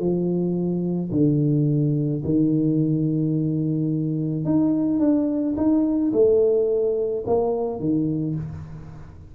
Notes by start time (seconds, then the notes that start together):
0.00 F3
1.12 D3
2.25 D#3
4.45 D#4
5.00 D4
5.57 D#4
6.13 A3
7.27 A#3
7.80 D#3